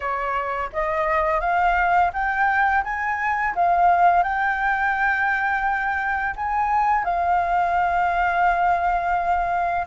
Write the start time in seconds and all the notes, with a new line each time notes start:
0.00 C#5
0.73 D#5
1.40 F5
2.13 G5
2.84 G#5
3.55 F5
4.23 G5
6.36 G#5
7.04 F5